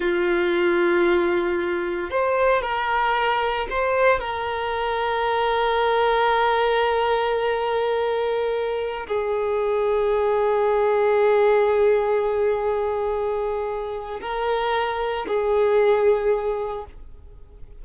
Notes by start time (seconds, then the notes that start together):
0.00 F4
2.10 C5
2.62 A#4
3.70 C5
4.20 A#4
9.07 G#4
14.21 A#4
15.27 G#4